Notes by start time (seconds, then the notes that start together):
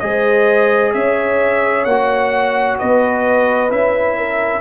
0.00 G#3 G#4 C5 D#5
0.94 C#4 C#5 E5
1.85 A#3 F#4 F#5
2.79 B3 B4 D#5
3.70 C#4 E4 E5
4.17 A#4